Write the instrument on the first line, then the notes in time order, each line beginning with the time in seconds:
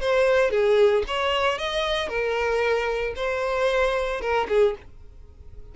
violin
0.00 C5
0.50 G#4
1.07 C#5
1.58 D#5
2.08 A#4
3.15 C5
4.21 A#4
4.48 G#4